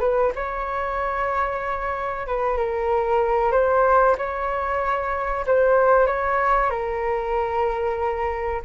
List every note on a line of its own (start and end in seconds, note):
0.00 0.32 B4
0.35 2.27 C#5
2.27 2.57 B4
2.57 3.52 A#4
3.52 4.16 C5
4.18 5.46 C#5
5.47 6.06 C5
6.06 6.70 C#5
6.70 8.62 A#4